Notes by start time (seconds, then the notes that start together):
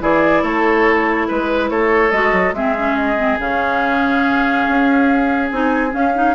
0.00 E3 E4 G#4 D5
0.43 A3 A4 C#5
1.28 G#3 B4
1.70 A3 A4 C#5
2.11 G#3 F#4 D#5
2.33 F#3
2.53 G#3 C4 G#4 E5
2.78 C#4
2.96 D#5
3.17 C4
3.39 C#3 C#4 F5
4.68 C#4
5.50 C4 D#4 G#5
5.91 C#4 F5
6.14 D#4